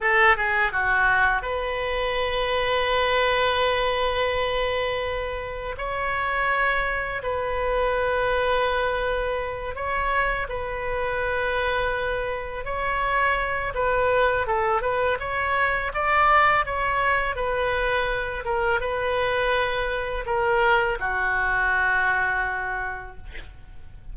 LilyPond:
\new Staff \with { instrumentName = "oboe" } { \time 4/4 \tempo 4 = 83 a'8 gis'8 fis'4 b'2~ | b'1 | cis''2 b'2~ | b'4. cis''4 b'4.~ |
b'4. cis''4. b'4 | a'8 b'8 cis''4 d''4 cis''4 | b'4. ais'8 b'2 | ais'4 fis'2. | }